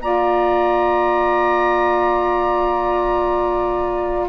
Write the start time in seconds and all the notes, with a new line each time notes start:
0.00 A#3 F4 D5 A#5